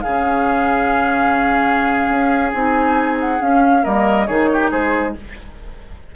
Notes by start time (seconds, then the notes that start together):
0.00 C#3 C#4 G#4 F5
2.09 C#4
2.52 C4 D#4 G#5
3.20 F#5
3.39 C#4 F5
3.81 G3 A#3 A#4 D#5
4.26 D#3 D#4 G#4 C#5
4.52 G4
4.70 G#3 G#4 C5